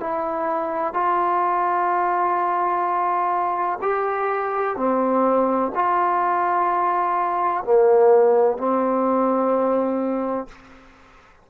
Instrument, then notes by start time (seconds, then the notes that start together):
trombone
0.00 E4
0.93 F4
3.81 G4
4.76 C4
5.74 F4
7.64 A#3
8.57 C4